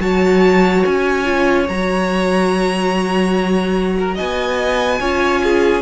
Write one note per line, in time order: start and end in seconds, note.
0.00 0.84 F#3
0.00 1.25 F#4
0.00 3.97 C#5
0.00 0.84 A5
0.85 1.69 C#4
0.85 1.68 G#5
1.25 1.66 F4
1.68 4.19 F#3
1.68 5.01 F#4
1.68 4.17 A#5
3.99 4.15 A#4
4.15 5.01 B3
4.15 4.98 D#5
4.15 5.82 G#5
5.00 5.82 C#4
5.00 5.82 F4
5.00 5.42 C#5
5.43 5.82 G#4